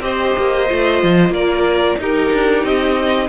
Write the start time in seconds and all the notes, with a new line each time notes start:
0.00 C4 G4 C5 D#5
0.38 A#3
0.69 A3 F4
1.03 F3
1.30 A#3 A#4 D5
1.98 D#4 G4 A#4
2.33 D4
2.64 C4 D#5